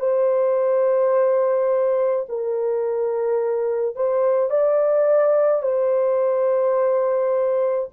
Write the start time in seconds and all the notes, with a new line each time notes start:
0.00 C5
2.30 A#4
3.96 C5
4.51 D5
5.63 C5